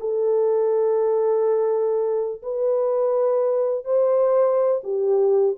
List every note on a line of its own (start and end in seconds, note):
0.00 2.42 A4
2.42 3.85 B4
3.85 4.81 C5
4.84 5.56 G4